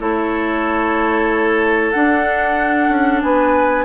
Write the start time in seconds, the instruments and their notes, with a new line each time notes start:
0.00 bassoon A3, clarinet E4, oboe A4, flute C#5
1.91 clarinet D4, bassoon D4, flute F#5
2.89 bassoon C#4
3.22 bassoon B3, oboe B4, flute G#5